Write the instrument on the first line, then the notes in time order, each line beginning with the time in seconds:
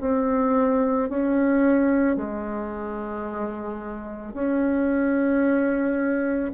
bassoon
0.00 C4
1.09 C#4
2.16 G#3
4.33 C#4